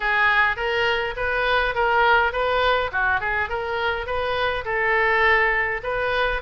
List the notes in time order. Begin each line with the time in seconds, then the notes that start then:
0.00 G#4
0.56 A#4
1.16 B4
1.74 A#4
2.32 B4
2.92 F#4
3.20 G#4
3.49 A#4
4.06 B4
4.64 A4
5.83 B4